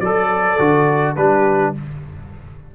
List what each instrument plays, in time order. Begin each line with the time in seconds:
0.00 tuba F#3, horn A4, trombone A4, trumpet D5
0.59 tuba D3, trombone F#4
1.15 tuba G3, trombone D4, horn G4, trumpet B4